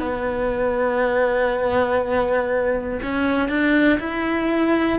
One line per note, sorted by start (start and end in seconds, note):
0.00 3.00 B3
3.03 3.49 C#4
3.49 3.99 D4
4.00 4.99 E4